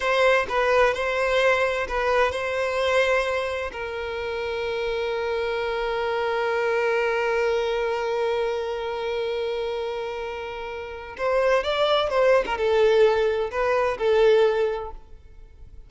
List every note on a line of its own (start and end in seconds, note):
0.00 0.46 C5
0.49 0.94 B4
0.94 1.87 C5
1.88 2.31 B4
2.31 3.71 C5
3.72 11.16 A#4
11.17 11.63 C5
11.63 12.09 D5
12.09 12.44 C5
12.45 12.57 A#4
12.57 13.50 A4
13.51 13.97 B4
13.97 14.90 A4